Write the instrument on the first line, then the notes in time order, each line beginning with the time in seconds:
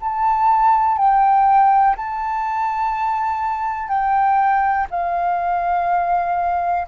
flute
0.00 A5
0.97 G5
1.96 A5
3.88 G5
4.90 F5